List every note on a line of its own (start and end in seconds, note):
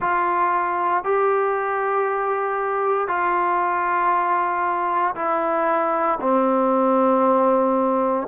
0.00 1.03 F4
1.03 3.08 G4
3.08 5.14 F4
5.15 6.18 E4
6.21 8.28 C4